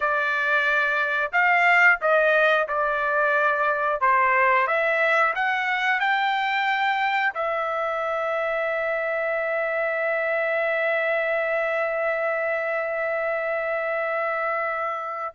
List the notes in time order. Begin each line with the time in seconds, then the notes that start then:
0.00 D5
1.32 F5
2.01 D#5
2.68 D5
4.00 C5
4.67 E5
5.35 F#5
5.99 G5
7.34 E5